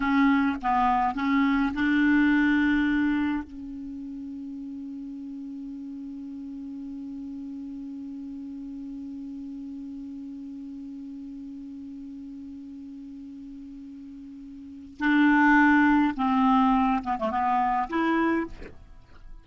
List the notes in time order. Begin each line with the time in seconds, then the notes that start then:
0.00 C#4
0.61 B3
1.14 C#4
1.74 D4
3.43 C#4
14.99 D4
16.16 C4
17.03 B3
17.19 A3
17.31 B3
17.89 E4